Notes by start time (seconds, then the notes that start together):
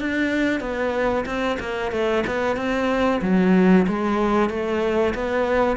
0.00 D4
0.60 B3
1.26 C4
1.60 A#3
1.92 A3
2.27 B3
2.56 C4
3.22 F#3
3.87 G#3
4.50 A3
5.14 B3